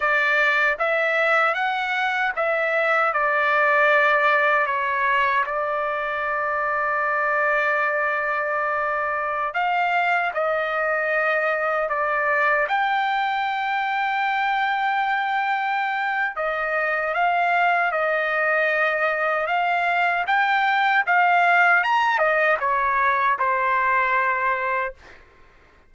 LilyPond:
\new Staff \with { instrumentName = "trumpet" } { \time 4/4 \tempo 4 = 77 d''4 e''4 fis''4 e''4 | d''2 cis''4 d''4~ | d''1~ | d''16 f''4 dis''2 d''8.~ |
d''16 g''2.~ g''8.~ | g''4 dis''4 f''4 dis''4~ | dis''4 f''4 g''4 f''4 | ais''8 dis''8 cis''4 c''2 | }